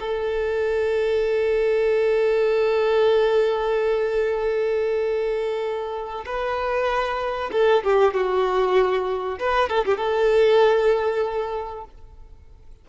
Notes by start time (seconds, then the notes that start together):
0.00 A4
6.26 B4
7.52 A4
7.84 G4
8.14 F#4
9.39 B4
9.69 A4
9.85 G4
9.98 A4